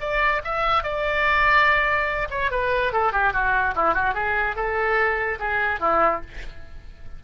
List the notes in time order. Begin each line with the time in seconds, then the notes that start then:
0.00 D5
0.44 E5
0.83 D5
2.30 C#5
2.51 B4
2.92 A4
3.12 G4
3.33 F#4
3.75 E4
3.94 F#4
4.14 G#4
4.56 A4
5.39 G#4
5.80 E4